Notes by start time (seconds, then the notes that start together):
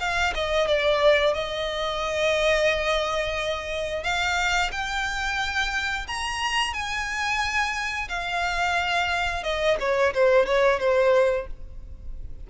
0.00 F5
0.35 D#5
0.68 D5
1.34 D#5
4.04 F5
4.72 G5
6.08 A#5
6.74 G#5
8.09 F5
9.44 D#5
9.80 C#5
10.14 C5
10.46 C#5
10.80 C5